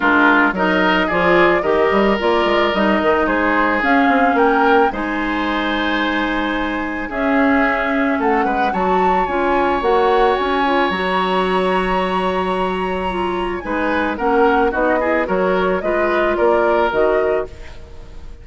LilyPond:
<<
  \new Staff \with { instrumentName = "flute" } { \time 4/4 \tempo 4 = 110 ais'4 dis''4 d''4 dis''4 | d''4 dis''4 c''4 f''4 | g''4 gis''2.~ | gis''4 e''2 fis''4 |
a''4 gis''4 fis''4 gis''4 | ais''1~ | ais''4 gis''4 fis''4 dis''4 | cis''4 dis''4 d''4 dis''4 | }
  \new Staff \with { instrumentName = "oboe" } { \time 4/4 f'4 ais'4 gis'4 ais'4~ | ais'2 gis'2 | ais'4 c''2.~ | c''4 gis'2 a'8 b'8 |
cis''1~ | cis''1~ | cis''4 b'4 ais'4 fis'8 gis'8 | ais'4 b'4 ais'2 | }
  \new Staff \with { instrumentName = "clarinet" } { \time 4/4 d'4 dis'4 f'4 g'4 | f'4 dis'2 cis'4~ | cis'4 dis'2.~ | dis'4 cis'2. |
fis'4 f'4 fis'4. f'8 | fis'1 | f'4 dis'4 cis'4 dis'8 e'8 | fis'4 f'2 fis'4 | }
  \new Staff \with { instrumentName = "bassoon" } { \time 4/4 gis4 fis4 f4 dis8 g8 | ais8 gis8 g8 dis8 gis4 cis'8 c'8 | ais4 gis2.~ | gis4 cis'2 a8 gis8 |
fis4 cis'4 ais4 cis'4 | fis1~ | fis4 gis4 ais4 b4 | fis4 gis4 ais4 dis4 | }
>>